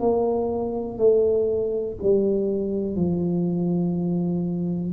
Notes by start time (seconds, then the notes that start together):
0.00 A#3
0.98 A3
2.02 G3
2.96 F3